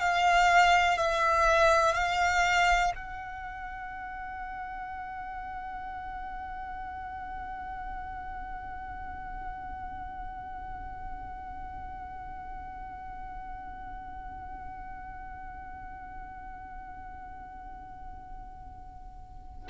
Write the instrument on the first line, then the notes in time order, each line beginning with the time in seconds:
violin
0.00 F5
0.98 E5
1.94 F5
2.96 F#5